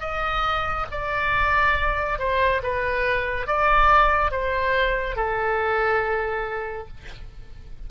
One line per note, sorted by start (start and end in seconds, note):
0.00 0.86 D#5
0.92 2.19 D5
2.19 2.62 C5
2.63 3.47 B4
3.47 4.31 D5
4.31 5.16 C5
5.16 6.87 A4